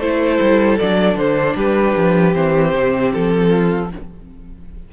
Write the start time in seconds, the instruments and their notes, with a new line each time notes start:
0.00 cello A3, viola E4, violin A4 C5
0.41 cello G3
0.78 cello F#3, viola D4, violin D5
1.16 cello D3, violin C5
1.56 cello G3, violin G4 B4
1.97 cello F3
2.33 cello E3, viola C4, violin C5
2.74 cello C3
3.13 cello F3, violin A4
3.49 violin F4